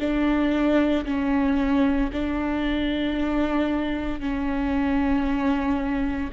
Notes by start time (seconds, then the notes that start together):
0.00 D4
1.05 C#4
2.13 D4
4.20 C#4